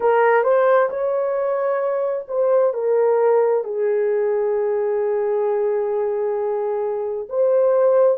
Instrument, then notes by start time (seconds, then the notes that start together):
horn
0.00 A#4
0.43 C5
0.89 C#5
2.28 C5
2.73 A#4
3.64 G#4
7.29 C5